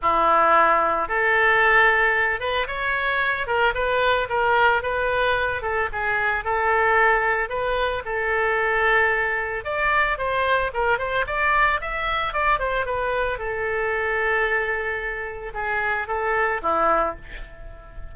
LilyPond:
\new Staff \with { instrumentName = "oboe" } { \time 4/4 \tempo 4 = 112 e'2 a'2~ | a'8 b'8 cis''4. ais'8 b'4 | ais'4 b'4. a'8 gis'4 | a'2 b'4 a'4~ |
a'2 d''4 c''4 | ais'8 c''8 d''4 e''4 d''8 c''8 | b'4 a'2.~ | a'4 gis'4 a'4 e'4 | }